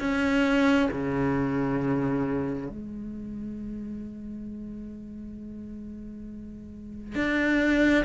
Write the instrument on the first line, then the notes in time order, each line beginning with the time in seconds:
cello
0.00 C#4
0.92 C#3
2.70 G#3
7.15 D4